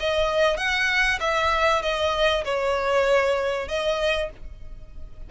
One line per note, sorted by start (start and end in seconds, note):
0.00 0.57 D#5
0.57 1.19 F#5
1.21 1.82 E5
1.82 2.44 D#5
2.45 3.68 C#5
3.68 4.30 D#5